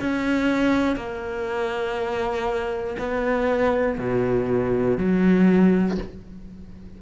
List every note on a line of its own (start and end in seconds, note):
0.00 0.96 C#4
0.96 2.96 A#3
2.99 3.99 B3
3.99 4.98 B2
4.98 5.98 F#3